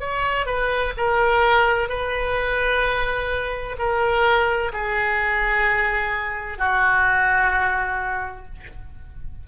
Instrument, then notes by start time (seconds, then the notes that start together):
oboe
0.00 C#5
0.46 B4
0.97 A#4
1.89 B4
3.78 A#4
4.73 G#4
6.58 F#4